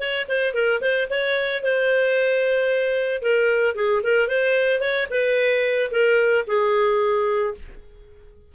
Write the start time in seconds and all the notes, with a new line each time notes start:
0.00 C#5
0.28 C5
0.54 A#4
0.81 C5
1.11 C#5
1.63 C5
3.22 A#4
3.75 G#4
4.03 A#4
4.28 C5
4.81 C#5
5.11 B4
5.91 A#4
6.47 G#4